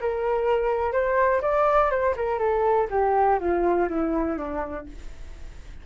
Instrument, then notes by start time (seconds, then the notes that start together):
flute
0.00 A#4
0.92 C5
1.41 D5
1.90 C5
2.16 A#4
2.39 A4
2.90 G4
3.39 F4
3.89 E4
4.37 D4